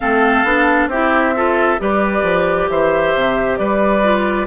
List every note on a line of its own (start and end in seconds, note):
0.00 0.43 A3
0.00 0.45 C4
0.00 0.89 A4
0.00 0.90 F5
0.43 0.87 B3
0.43 0.90 D4
0.87 1.76 C4
0.87 1.35 E4
0.87 1.34 G4
0.87 1.79 E5
1.35 1.78 F4
1.35 1.80 A4
1.78 2.22 G3
1.78 4.02 G4
1.78 2.70 B4
1.78 2.69 D5
2.22 2.67 F3
2.69 3.13 E3
2.69 3.58 C5
2.69 3.56 E5
3.14 3.59 C3
3.56 4.47 G3
3.56 4.47 B4
3.56 4.46 D5
4.03 4.47 F4